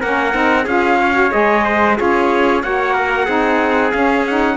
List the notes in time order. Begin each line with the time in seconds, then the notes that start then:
0.00 A#3 C#4 A#4 F#5
0.33 C4 D#4
0.65 C#4 F4 G#4 F5
1.00 C#5
1.13 F#4
1.31 G#3 G#4 D#5
1.64 C5
1.96 C#4 F4 G#4 C#5
2.62 A#3 F#4 C#5 F#5
2.93 A#4
3.25 C4 D#4 G#4
3.91 C#4 F5
4.26 D#4 F#5